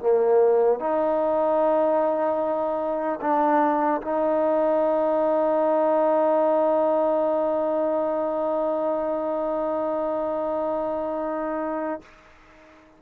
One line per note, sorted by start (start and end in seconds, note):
0.00 0.80 A#3
0.80 3.20 D#4
3.21 4.01 D4
4.01 12.01 D#4